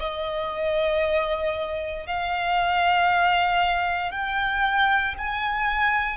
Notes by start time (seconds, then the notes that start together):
0.00 D#5
2.07 F5
4.11 G5
5.18 G#5